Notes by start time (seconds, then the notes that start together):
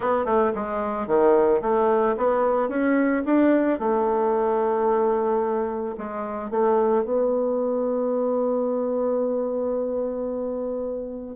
0.00 B3
0.25 A3
0.54 G#3
1.07 D#3
1.61 A3
2.17 B3
2.68 C#4
3.25 D4
3.79 A3
5.97 G#3
6.50 A3
7.04 B3